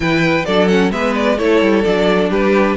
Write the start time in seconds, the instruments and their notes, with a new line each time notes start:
0.00 cello E3, viola E4, violin B4 G5
0.45 cello F#3, viola D4, violin A4 D5
0.68 viola C#4, violin F#5
0.91 cello G#3, viola B3, violin B4 E5
1.15 violin D5
1.38 cello A3, viola E4, violin A4 C#5
1.61 cello G3
1.84 cello F#3, viola D4, violin D5
2.29 cello G3, violin G4 B4